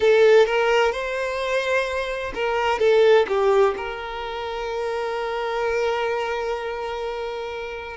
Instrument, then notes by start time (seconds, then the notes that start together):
violin
0.00 A4
0.46 A#4
0.92 C5
2.34 A#4
2.79 A4
3.28 G4
3.77 A#4